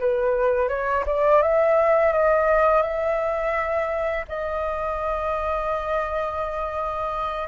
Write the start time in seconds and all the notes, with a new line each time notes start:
0.00 B4
0.69 C#5
1.07 D5
1.43 E5
2.13 D#5
2.82 E5
4.29 D#5